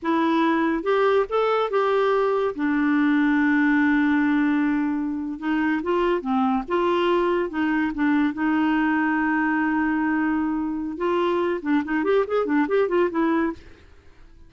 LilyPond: \new Staff \with { instrumentName = "clarinet" } { \time 4/4 \tempo 4 = 142 e'2 g'4 a'4 | g'2 d'2~ | d'1~ | d'8. dis'4 f'4 c'4 f'16~ |
f'4.~ f'16 dis'4 d'4 dis'16~ | dis'1~ | dis'2 f'4. d'8 | dis'8 g'8 gis'8 d'8 g'8 f'8 e'4 | }